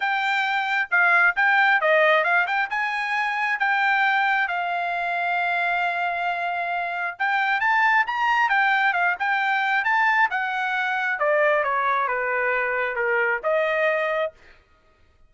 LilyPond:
\new Staff \with { instrumentName = "trumpet" } { \time 4/4 \tempo 4 = 134 g''2 f''4 g''4 | dis''4 f''8 g''8 gis''2 | g''2 f''2~ | f''1 |
g''4 a''4 ais''4 g''4 | f''8 g''4. a''4 fis''4~ | fis''4 d''4 cis''4 b'4~ | b'4 ais'4 dis''2 | }